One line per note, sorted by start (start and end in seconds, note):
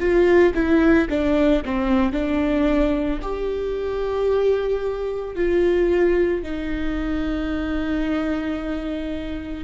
0.00 0.54 F4
0.55 1.08 E4
1.10 1.64 D4
1.65 2.13 C4
2.13 3.20 D4
3.22 5.36 G4
5.36 6.43 F4
6.43 9.64 D#4